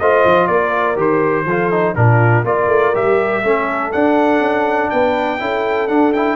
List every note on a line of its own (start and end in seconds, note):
0.00 0.25 A3
0.00 0.96 F4
0.00 0.48 C5
0.00 0.48 D#5
0.26 0.49 F3
0.48 0.97 A#3
0.48 1.46 A#4
0.48 0.97 D5
0.96 1.45 D#3
0.96 1.46 G4
0.96 1.96 C5
1.45 1.95 F3
1.45 1.72 F4
1.45 1.96 A4
1.72 1.95 D#4
1.95 2.44 A#2
1.95 2.45 D4
1.95 2.46 F4
1.95 2.45 A#4
2.44 2.68 A#3
2.44 2.94 F4
2.44 3.44 A#4
2.44 2.95 D5
2.68 2.92 A3
2.94 3.44 G3
2.94 3.43 G4
2.94 3.93 E5
3.44 3.93 A3
3.44 3.93 C#4
3.44 4.92 A4
3.93 5.40 D4
3.93 4.40 D4
3.93 4.90 F#5
4.40 4.89 C#4
4.90 5.41 B3
4.90 5.41 B4
4.90 5.88 G5
5.40 5.90 C#4
5.40 5.89 E4
5.40 6.37 A4
5.88 6.14 D4
5.88 6.37 D4
5.88 6.13 F#5
6.13 6.37 E4
6.13 6.37 G5